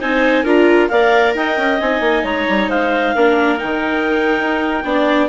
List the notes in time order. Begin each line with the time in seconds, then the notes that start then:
0.00 C4 D#4 C5 G#5
0.44 D4 F4 A#4 A#5
0.89 A#3 A#4 D5 F5
1.35 D#4 D#5 G5
1.57 C#4
1.80 C4 D#4 G#5
2.01 A#3
2.24 G#3 C#5 A#5
2.49 G3
2.69 G#3 C5 F5
3.15 A#3 D4 A#4
3.58 D#3 D#4 G5
4.39 D#4
4.84 B3 D4 D5